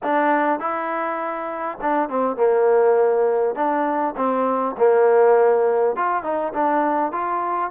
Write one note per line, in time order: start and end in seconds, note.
0.03 0.59 D4
0.59 1.78 E4
1.81 2.09 D4
2.09 2.36 C4
2.36 3.55 A#3
3.55 4.14 D4
4.16 4.75 C4
4.77 5.95 A#3
5.95 6.23 F4
6.23 6.53 D#4
6.53 7.12 D4
7.12 7.71 F4